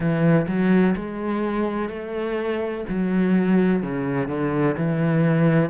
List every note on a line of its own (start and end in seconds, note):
0.00 0.46 E3
0.47 0.95 F#3
0.95 1.89 G#3
1.89 2.84 A3
2.88 3.82 F#3
3.82 4.28 C#3
4.28 4.75 D3
4.77 5.69 E3